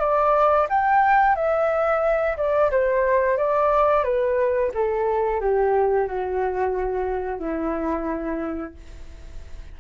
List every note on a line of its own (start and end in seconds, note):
0.00 0.67 D5
0.70 1.36 G5
1.36 2.37 E5
2.37 2.71 D5
2.71 3.38 C5
3.38 4.04 D5
4.04 4.72 B4
4.75 5.41 A4
5.41 6.08 G4
6.08 7.40 F#4
7.40 8.75 E4